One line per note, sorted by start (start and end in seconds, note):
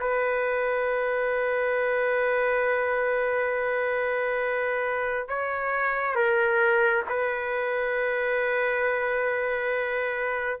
0.00 5.28 B4
5.28 6.15 C#5
6.15 7.03 A#4
7.08 10.60 B4